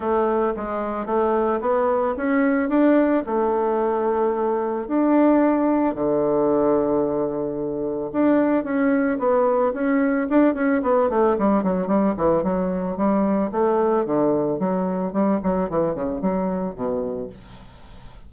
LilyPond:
\new Staff \with { instrumentName = "bassoon" } { \time 4/4 \tempo 4 = 111 a4 gis4 a4 b4 | cis'4 d'4 a2~ | a4 d'2 d4~ | d2. d'4 |
cis'4 b4 cis'4 d'8 cis'8 | b8 a8 g8 fis8 g8 e8 fis4 | g4 a4 d4 fis4 | g8 fis8 e8 cis8 fis4 b,4 | }